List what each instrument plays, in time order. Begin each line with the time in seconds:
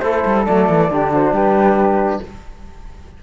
0.00 cello A3, trombone E4, flute A4 C5
0.25 cello G3
0.45 cello F#3, trombone A3, flute D5
0.69 cello E3
0.90 cello D3, trombone D4, flute G4
1.10 flute F#4 C5
1.31 cello G3, flute G4 B4